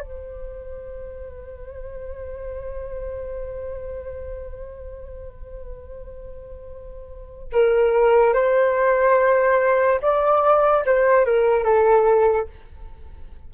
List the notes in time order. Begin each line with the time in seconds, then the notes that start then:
0.00 C5
7.52 A#4
8.34 C5
10.02 D5
10.86 C5
11.25 A#4
11.64 A4